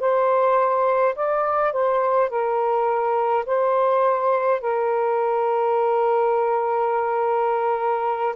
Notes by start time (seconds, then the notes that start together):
0.00 C5
1.15 D5
1.73 C5
2.30 A#4
3.46 C5
4.61 A#4